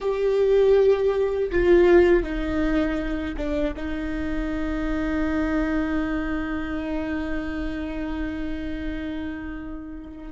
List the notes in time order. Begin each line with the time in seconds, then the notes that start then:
0.00 G4
1.51 F4
2.23 D#4
3.36 D4
3.76 D#4